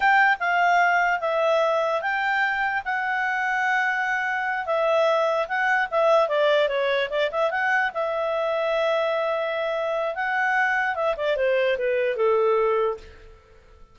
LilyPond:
\new Staff \with { instrumentName = "clarinet" } { \time 4/4 \tempo 4 = 148 g''4 f''2 e''4~ | e''4 g''2 fis''4~ | fis''2.~ fis''8 e''8~ | e''4. fis''4 e''4 d''8~ |
d''8 cis''4 d''8 e''8 fis''4 e''8~ | e''1~ | e''4 fis''2 e''8 d''8 | c''4 b'4 a'2 | }